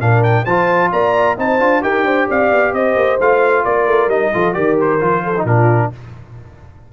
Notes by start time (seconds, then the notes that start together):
0.00 A#2 D4 A#4 F5
0.24 G5
0.45 F3 F4 C5 A5
0.92 A#3 D5 A#5
1.38 C4 D#4 C5 A5
1.60 D4 F4
1.82 D#4 G4 A#4 G5
2.04 D4 C5
2.29 C4 D5 F5
2.52 B3
2.73 C4 C5 D#5
2.96 A#3
3.20 A3 F4 F5
3.65 A#3 A#4 D5
3.87 A3
4.08 G3 D#4 D#5
4.33 F3 F4 A4
4.54 D#3 G4 A#4 D5
4.81 C5
5.00 F3 F4
5.24 A4
5.38 D#4
5.45 A#2 D4 F4 A#4